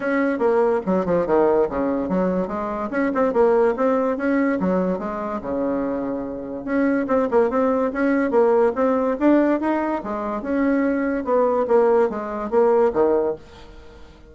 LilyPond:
\new Staff \with { instrumentName = "bassoon" } { \time 4/4 \tempo 4 = 144 cis'4 ais4 fis8 f8 dis4 | cis4 fis4 gis4 cis'8 c'8 | ais4 c'4 cis'4 fis4 | gis4 cis2. |
cis'4 c'8 ais8 c'4 cis'4 | ais4 c'4 d'4 dis'4 | gis4 cis'2 b4 | ais4 gis4 ais4 dis4 | }